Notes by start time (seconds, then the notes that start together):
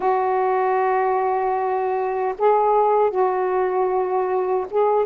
0.00 F#4
2.38 G#4
3.10 F#4
4.70 G#4